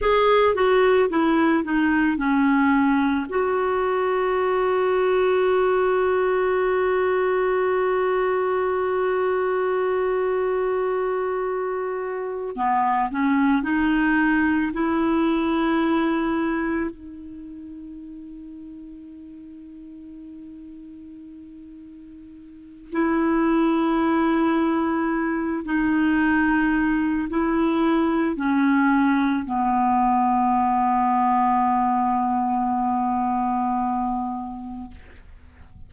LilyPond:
\new Staff \with { instrumentName = "clarinet" } { \time 4/4 \tempo 4 = 55 gis'8 fis'8 e'8 dis'8 cis'4 fis'4~ | fis'1~ | fis'2.~ fis'8 b8 | cis'8 dis'4 e'2 dis'8~ |
dis'1~ | dis'4 e'2~ e'8 dis'8~ | dis'4 e'4 cis'4 b4~ | b1 | }